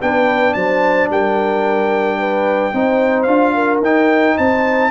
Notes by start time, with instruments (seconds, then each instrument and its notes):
0.00 tuba B3, trombone D4, horn B4, trumpet G5
0.53 tuba F#3, horn C5, trumpet A5
1.09 tuba G3, horn A#4, trumpet G5
2.18 horn B4
2.73 tuba C4, trombone D#4, horn C5
3.22 tuba D4, trombone F4, trumpet F5
3.54 horn A#4
3.80 tuba D#4, trombone D#4, trumpet G5
4.36 tuba C4, horn C5, trumpet A5